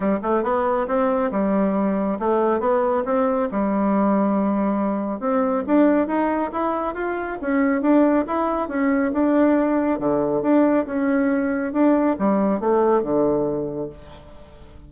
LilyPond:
\new Staff \with { instrumentName = "bassoon" } { \time 4/4 \tempo 4 = 138 g8 a8 b4 c'4 g4~ | g4 a4 b4 c'4 | g1 | c'4 d'4 dis'4 e'4 |
f'4 cis'4 d'4 e'4 | cis'4 d'2 d4 | d'4 cis'2 d'4 | g4 a4 d2 | }